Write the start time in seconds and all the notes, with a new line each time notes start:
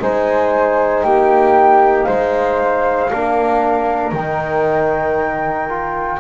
0.00 G#3 D#4 C5 G#5
1.04 A#3 G4 G5
2.04 G#3 C5 F5
3.11 A#3 D4 A#4
4.12 D#3 G5
4.18 D#4
5.69 F4